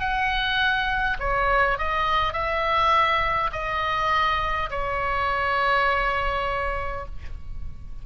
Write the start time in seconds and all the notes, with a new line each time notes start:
0.00 F#5
1.20 C#5
1.79 D#5
2.33 E5
3.52 D#5
4.71 C#5